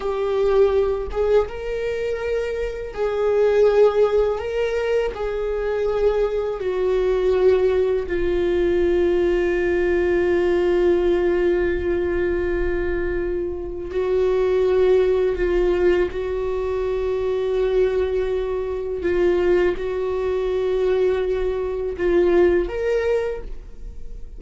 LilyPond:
\new Staff \with { instrumentName = "viola" } { \time 4/4 \tempo 4 = 82 g'4. gis'8 ais'2 | gis'2 ais'4 gis'4~ | gis'4 fis'2 f'4~ | f'1~ |
f'2. fis'4~ | fis'4 f'4 fis'2~ | fis'2 f'4 fis'4~ | fis'2 f'4 ais'4 | }